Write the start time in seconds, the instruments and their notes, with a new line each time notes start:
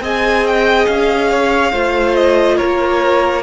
0.00 cello C4, viola G#4, violin D#5 G#5
0.47 violin G5
0.86 cello C#4, violin F5
1.31 violin C#5
1.72 cello A3, viola F4, violin C5
2.15 violin D#5
2.57 cello A#3, violin A#4 C#5